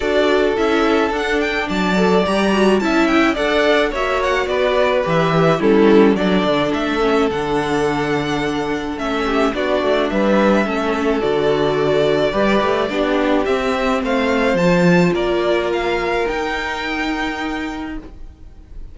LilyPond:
<<
  \new Staff \with { instrumentName = "violin" } { \time 4/4 \tempo 4 = 107 d''4 e''4 fis''8 g''8 a''4 | ais''4 a''8 g''8 fis''4 e''8 fis''8 | d''4 e''4 a'4 d''4 | e''4 fis''2. |
e''4 d''4 e''2 | d''1 | e''4 f''4 a''4 d''4 | f''4 g''2. | }
  \new Staff \with { instrumentName = "violin" } { \time 4/4 a'2. d''4~ | d''4 e''4 d''4 cis''4 | b'2 e'4 a'4~ | a'1~ |
a'8 g'8 fis'4 b'4 a'4~ | a'2 b'4 g'4~ | g'4 c''2 ais'4~ | ais'1 | }
  \new Staff \with { instrumentName = "viola" } { \time 4/4 fis'4 e'4 d'4. a'8 | g'8 fis'8 e'4 a'4 fis'4~ | fis'4 g'4 cis'4 d'4~ | d'8 cis'8 d'2. |
cis'4 d'2 cis'4 | fis'2 g'4 d'4 | c'2 f'2~ | f'4 dis'2. | }
  \new Staff \with { instrumentName = "cello" } { \time 4/4 d'4 cis'4 d'4 fis4 | g4 cis'4 d'4 ais4 | b4 e4 g4 fis8 d8 | a4 d2. |
a4 b8 a8 g4 a4 | d2 g8 a8 b4 | c'4 a4 f4 ais4~ | ais4 dis'2. | }
>>